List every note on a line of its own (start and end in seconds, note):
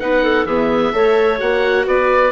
0.00 0.45 B3
0.00 0.47 D#4
0.00 0.23 B4
0.00 0.46 F#5
0.23 0.47 A4
0.45 0.91 E3
0.45 0.93 B3
0.45 0.93 G#4
0.45 1.39 E5
0.93 1.40 A3
0.93 1.39 A4
0.93 1.87 C#5
1.39 1.87 A#3
1.39 2.32 F#4
1.39 1.86 F#5
1.87 2.32 B3
1.87 2.32 B4
1.87 2.32 D5